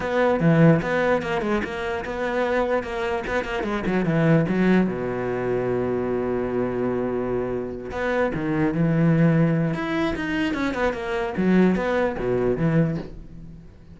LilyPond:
\new Staff \with { instrumentName = "cello" } { \time 4/4 \tempo 4 = 148 b4 e4 b4 ais8 gis8 | ais4 b2 ais4 | b8 ais8 gis8 fis8 e4 fis4 | b,1~ |
b,2.~ b,8 b8~ | b8 dis4 e2~ e8 | e'4 dis'4 cis'8 b8 ais4 | fis4 b4 b,4 e4 | }